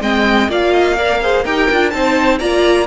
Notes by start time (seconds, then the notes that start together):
0.00 G#3 C4 D#5 G5
0.48 A#3 F4 D5 F5
0.72 D#5
0.96 A#4 D5
1.21 G#4 C5
1.44 D#4 G4 A#4 G5
1.71 D4 F4
1.90 C4 D#4 C5 A5
2.38 A#3 F4 D5 A#5